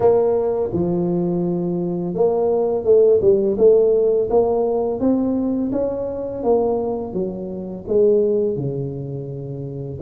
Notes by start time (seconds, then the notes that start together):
0.00 A#3
0.72 F3
2.14 A#3
2.84 A3
3.21 G3
3.57 A3
4.30 A#3
4.99 C4
5.72 C#4
6.43 A#3
7.13 F#3
7.87 G#3
8.56 C#3